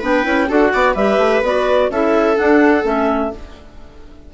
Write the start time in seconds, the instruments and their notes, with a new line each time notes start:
0.00 bassoon B3, clarinet D4 G5, viola B4
0.23 bassoon C#4, clarinet E4
0.49 bassoon D4, clarinet F#4 F#5, viola A4
0.73 bassoon B3, viola D5
0.94 bassoon G3, clarinet G4 E5, viola B4
1.18 bassoon A3
1.42 bassoon B3, clarinet F#4 D5
1.90 bassoon C#4, clarinet E4 E5, viola A4
2.36 clarinet D4 F#5, bassoon D4
2.83 bassoon A3, clarinet C#4 E5